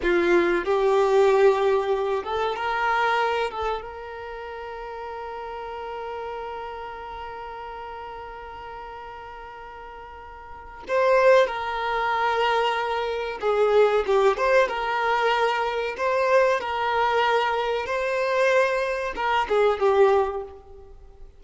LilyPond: \new Staff \with { instrumentName = "violin" } { \time 4/4 \tempo 4 = 94 f'4 g'2~ g'8 a'8 | ais'4. a'8 ais'2~ | ais'1~ | ais'1~ |
ais'4 c''4 ais'2~ | ais'4 gis'4 g'8 c''8 ais'4~ | ais'4 c''4 ais'2 | c''2 ais'8 gis'8 g'4 | }